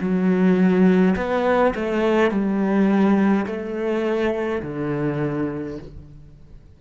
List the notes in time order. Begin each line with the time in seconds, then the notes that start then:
0.00 F#3
1.16 B3
1.75 A3
2.30 G3
3.46 A3
4.62 D3